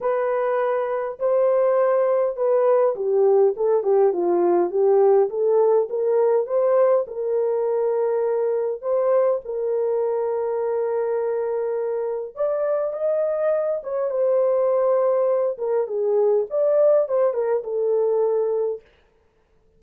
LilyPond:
\new Staff \with { instrumentName = "horn" } { \time 4/4 \tempo 4 = 102 b'2 c''2 | b'4 g'4 a'8 g'8 f'4 | g'4 a'4 ais'4 c''4 | ais'2. c''4 |
ais'1~ | ais'4 d''4 dis''4. cis''8 | c''2~ c''8 ais'8 gis'4 | d''4 c''8 ais'8 a'2 | }